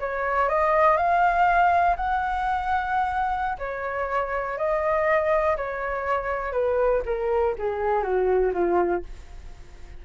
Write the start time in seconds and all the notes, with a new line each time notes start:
0.00 C#5
0.49 D#5
0.97 F5
1.96 F#5
3.59 C#5
4.57 D#5
5.57 C#5
6.52 B4
7.06 A#4
7.58 G#4
8.03 F#4
8.53 F4